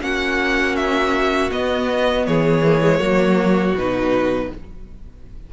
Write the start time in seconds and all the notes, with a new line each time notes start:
0.00 A#3 C#4 F#4 F#5
0.75 E5
1.51 B3 D#5
2.26 E3 G#4 C#5
2.65 A#3
2.81 G#3
2.99 F#3 A#3 F#4
3.73 B2 D#4 B4